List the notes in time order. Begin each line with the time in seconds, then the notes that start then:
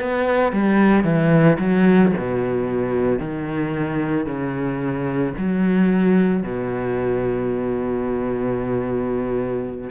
0.00 B3
0.52 G3
1.04 E3
1.59 F#3
2.17 B2
3.19 D#3
4.26 C#3
5.38 F#3
6.43 B2